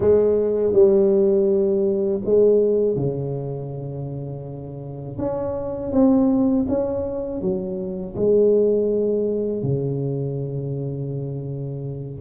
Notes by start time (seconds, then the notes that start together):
0.00 G#3
0.72 G3
2.24 G#3
2.96 C#3
5.18 C#4
5.92 C4
6.68 C#4
7.41 F#3
8.15 G#3
9.62 C#3